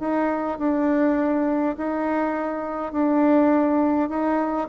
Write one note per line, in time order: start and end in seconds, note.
0.00 0.59 D#4
0.59 1.76 D4
1.78 2.93 D#4
2.93 4.09 D4
4.09 4.68 D#4